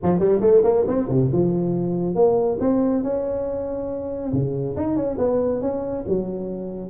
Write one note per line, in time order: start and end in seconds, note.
0.03 0.19 F3
0.19 0.40 G3
0.41 0.62 A3
0.63 0.85 A#3
0.87 1.08 C4
1.08 1.30 C3
1.32 2.15 F3
2.15 2.58 A#3
2.60 3.03 C4
3.03 4.32 C#4
4.32 4.76 C#3
4.76 4.95 D#4
4.95 5.17 C#4
5.17 5.61 B3
5.61 6.04 C#4
6.07 6.89 F#3